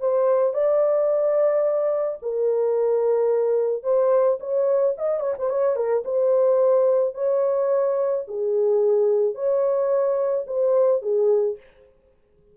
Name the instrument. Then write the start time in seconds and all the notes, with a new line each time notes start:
horn
0.00 C5
0.54 D5
2.22 A#4
3.83 C5
4.40 C#5
4.98 D#5
5.20 C#5
5.38 C5
5.50 C#5
5.76 A#4
6.05 C5
7.14 C#5
8.28 G#4
9.35 C#5
10.47 C5
11.02 G#4